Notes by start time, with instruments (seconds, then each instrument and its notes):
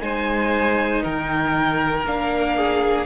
0.00 cello G#3, viola D#4, violin C5 G#5
1.03 cello D#3, violin A#4 G5
2.04 cello A#3, viola D4, violin F5
2.56 violin G#4